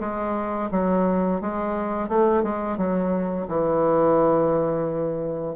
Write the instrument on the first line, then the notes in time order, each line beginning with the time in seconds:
bassoon
0.00 G#3
0.71 F#3
1.41 G#3
2.09 A3
2.43 G#3
2.77 F#3
3.48 E3